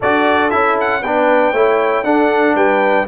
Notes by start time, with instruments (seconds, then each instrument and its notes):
0.00 tuba D4, trombone F#4, horn A4, trumpet D5
0.50 tuba C#4, trombone E4, trumpet E5
0.80 trumpet F#5
1.01 tuba B3, trombone D4, horn B4, trumpet G5
1.52 tuba A3, trombone E4, horn C#5
2.03 tuba D4, trombone D4, horn A4, trumpet F#5
2.54 tuba G3, horn B4, trumpet G5